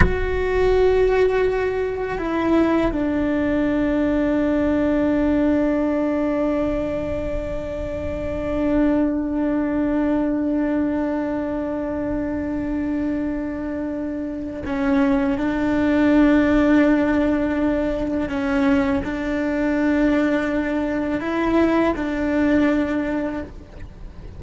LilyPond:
\new Staff \with { instrumentName = "cello" } { \time 4/4 \tempo 4 = 82 fis'2. e'4 | d'1~ | d'1~ | d'1~ |
d'1 | cis'4 d'2.~ | d'4 cis'4 d'2~ | d'4 e'4 d'2 | }